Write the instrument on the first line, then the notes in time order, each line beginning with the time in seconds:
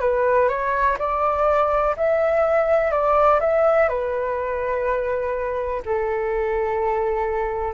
flute
0.00 B4
0.49 C#5
0.99 D5
1.97 E5
2.92 D5
3.40 E5
3.89 B4
5.85 A4